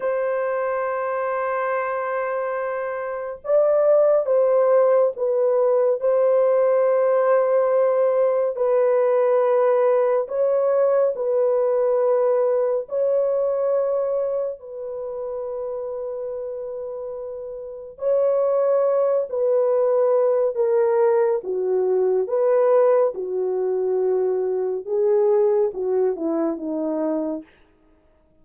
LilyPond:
\new Staff \with { instrumentName = "horn" } { \time 4/4 \tempo 4 = 70 c''1 | d''4 c''4 b'4 c''4~ | c''2 b'2 | cis''4 b'2 cis''4~ |
cis''4 b'2.~ | b'4 cis''4. b'4. | ais'4 fis'4 b'4 fis'4~ | fis'4 gis'4 fis'8 e'8 dis'4 | }